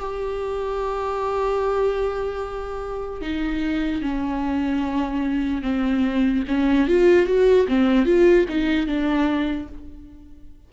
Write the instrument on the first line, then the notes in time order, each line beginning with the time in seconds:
viola
0.00 G4
3.22 D#4
4.02 C#4
5.63 C4
6.48 C#4
6.88 F4
7.26 F#4
7.68 C4
8.06 F4
8.49 D#4
8.87 D4